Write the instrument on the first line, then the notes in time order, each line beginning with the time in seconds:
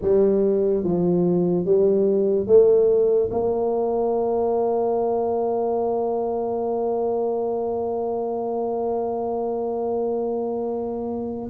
tuba
0.01 G3
0.83 F3
1.65 G3
2.47 A3
3.31 A#3